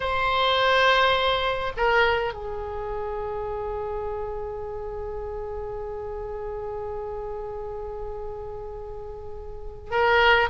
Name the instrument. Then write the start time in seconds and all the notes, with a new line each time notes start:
oboe
0.00 C5
1.76 A#4
2.33 G#4
9.90 A#4